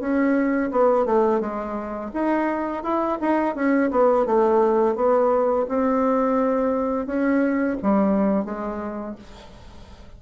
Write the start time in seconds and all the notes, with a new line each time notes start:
0.00 C#4
0.72 B3
1.06 A3
1.41 G#3
2.14 D#4
2.84 E4
3.21 D#4
3.56 C#4
3.91 B3
4.26 A3
4.96 B3
5.69 C4
7.07 C#4
7.83 G3
8.45 G#3